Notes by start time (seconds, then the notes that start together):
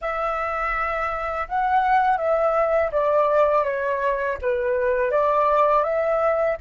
0.01 E5
1.48 F#5
2.18 E5
2.91 D5
3.64 C#5
4.41 B4
5.11 D5
5.83 E5